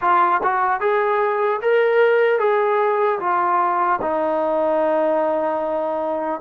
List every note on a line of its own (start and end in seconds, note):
0.01 0.41 F4
0.43 0.80 F#4
0.80 1.60 G#4
1.61 2.39 A#4
2.39 3.19 G#4
3.19 3.99 F4
4.01 6.40 D#4